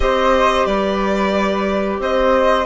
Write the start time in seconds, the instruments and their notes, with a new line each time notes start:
0.00 bassoon C4, clarinet G4, flute C5, violin D#5
0.65 bassoon G3, flute B4, violin D5
1.99 bassoon C4, flute C5, violin D#5